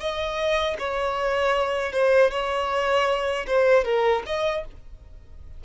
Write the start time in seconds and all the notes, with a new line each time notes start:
0.00 D#5
0.79 C#5
1.92 C5
2.31 C#5
3.47 C5
3.84 A#4
4.26 D#5